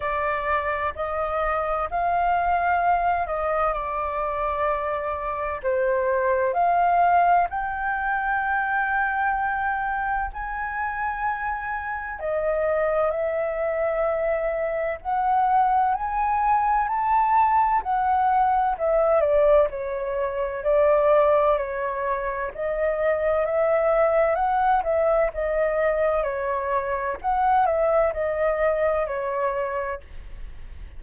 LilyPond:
\new Staff \with { instrumentName = "flute" } { \time 4/4 \tempo 4 = 64 d''4 dis''4 f''4. dis''8 | d''2 c''4 f''4 | g''2. gis''4~ | gis''4 dis''4 e''2 |
fis''4 gis''4 a''4 fis''4 | e''8 d''8 cis''4 d''4 cis''4 | dis''4 e''4 fis''8 e''8 dis''4 | cis''4 fis''8 e''8 dis''4 cis''4 | }